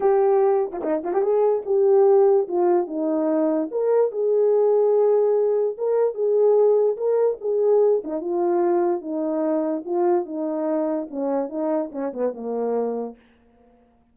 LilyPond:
\new Staff \with { instrumentName = "horn" } { \time 4/4 \tempo 4 = 146 g'4.~ g'16 f'16 dis'8 f'16 g'16 gis'4 | g'2 f'4 dis'4~ | dis'4 ais'4 gis'2~ | gis'2 ais'4 gis'4~ |
gis'4 ais'4 gis'4. dis'8 | f'2 dis'2 | f'4 dis'2 cis'4 | dis'4 cis'8 b8 ais2 | }